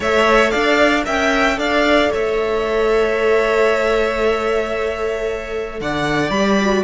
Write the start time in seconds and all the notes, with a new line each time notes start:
0.00 A3 A4 C#5 E5
0.50 D4 D5 F5
1.04 C#4 A#4 E5 G5
1.56 D4 A4 D5 F5
2.11 A3 C#5 E5
5.80 D3 D5 F#5
6.29 G3 G4 B5
6.60 F#4